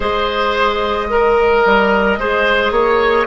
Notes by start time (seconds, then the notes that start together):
0.00 G#3 G#4 C5 D#5
1.09 A#4
1.65 G3
2.17 G#3 G#4 C5
2.70 A#3 C#5